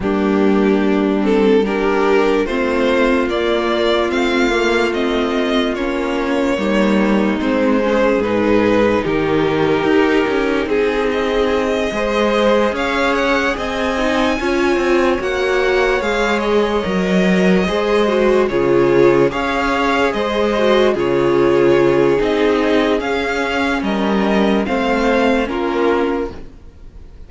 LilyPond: <<
  \new Staff \with { instrumentName = "violin" } { \time 4/4 \tempo 4 = 73 g'4. a'8 ais'4 c''4 | d''4 f''4 dis''4 cis''4~ | cis''4 c''4 b'4 ais'4~ | ais'4 gis'8 dis''2 f''8 |
fis''8 gis''2 fis''4 f''8 | dis''2~ dis''8 cis''4 f''8~ | f''8 dis''4 cis''4. dis''4 | f''4 dis''4 f''4 ais'4 | }
  \new Staff \with { instrumentName = "violin" } { \time 4/4 d'2 g'4 f'4~ | f'1 | dis'4. gis'4. g'4~ | g'4 gis'4. c''4 cis''8~ |
cis''8 dis''4 cis''2~ cis''8~ | cis''4. c''4 gis'4 cis''8~ | cis''8 c''4 gis'2~ gis'8~ | gis'4 ais'4 c''4 f'4 | }
  \new Staff \with { instrumentName = "viola" } { \time 4/4 ais4. c'8 d'4 c'4 | ais4 c'8 ais8 c'4 cis'4 | ais4 c'8 cis'8 dis'2~ | dis'2~ dis'8 gis'4.~ |
gis'4 dis'8 f'4 fis'4 gis'8~ | gis'8 ais'4 gis'8 fis'8 f'4 gis'8~ | gis'4 fis'8 f'4. dis'4 | cis'2 c'4 cis'4 | }
  \new Staff \with { instrumentName = "cello" } { \time 4/4 g2. a4 | ais4 a2 ais4 | g4 gis4 gis,4 dis4 | dis'8 cis'8 c'4. gis4 cis'8~ |
cis'8 c'4 cis'8 c'8 ais4 gis8~ | gis8 fis4 gis4 cis4 cis'8~ | cis'8 gis4 cis4. c'4 | cis'4 g4 a4 ais4 | }
>>